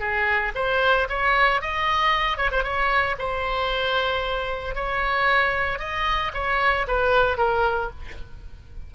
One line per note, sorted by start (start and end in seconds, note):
0.00 0.53 G#4
0.55 1.08 C5
1.09 1.62 C#5
1.62 2.38 D#5
2.38 2.51 C#5
2.52 2.64 C5
2.64 3.16 C#5
3.19 4.75 C5
4.75 5.79 C#5
5.79 6.32 D#5
6.34 6.87 C#5
6.88 7.38 B4
7.38 7.90 A#4